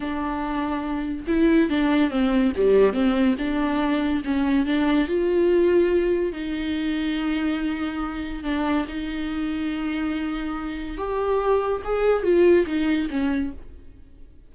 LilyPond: \new Staff \with { instrumentName = "viola" } { \time 4/4 \tempo 4 = 142 d'2. e'4 | d'4 c'4 g4 c'4 | d'2 cis'4 d'4 | f'2. dis'4~ |
dis'1 | d'4 dis'2.~ | dis'2 g'2 | gis'4 f'4 dis'4 cis'4 | }